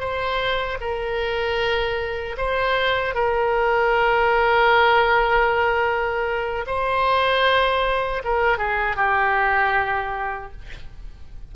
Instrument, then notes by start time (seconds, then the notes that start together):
oboe
0.00 C5
0.81 A#4
2.38 C5
3.15 A#4
6.67 C5
8.24 A#4
8.58 G#4
8.96 G4